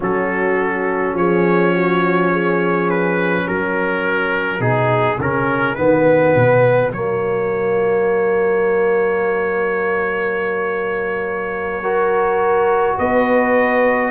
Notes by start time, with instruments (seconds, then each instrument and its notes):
0.00 tuba F#3, trombone C#4, horn F#4, trumpet A4
1.13 tuba F3, horn G#4, trumpet C#5
1.74 horn F#4
2.30 horn G#4
2.90 trumpet B4
3.43 tuba F#3, horn F#4, trumpet A#4
4.59 tuba B2, trombone D#4, trumpet G#4
5.18 tuba C#3, trombone C#4, trumpet A#4
5.75 tuba D#3, trombone B3, trumpet B4
6.35 tuba B2
6.91 tuba F#3, trombone A#3, trumpet C#5
11.81 trombone F#4, horn A#4
12.97 tuba B3, horn B4, trumpet D#5